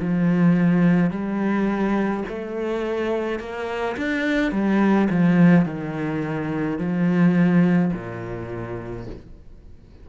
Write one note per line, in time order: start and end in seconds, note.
0.00 1.11 F3
1.11 2.24 G3
2.29 3.40 A3
3.40 3.96 A#3
3.97 4.52 D4
4.52 5.08 G3
5.10 5.66 F3
5.66 6.79 D#3
6.79 7.92 F3
7.93 9.07 A#2